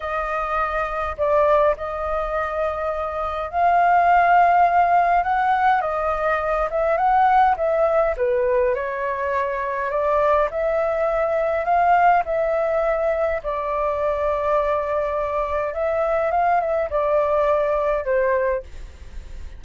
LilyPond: \new Staff \with { instrumentName = "flute" } { \time 4/4 \tempo 4 = 103 dis''2 d''4 dis''4~ | dis''2 f''2~ | f''4 fis''4 dis''4. e''8 | fis''4 e''4 b'4 cis''4~ |
cis''4 d''4 e''2 | f''4 e''2 d''4~ | d''2. e''4 | f''8 e''8 d''2 c''4 | }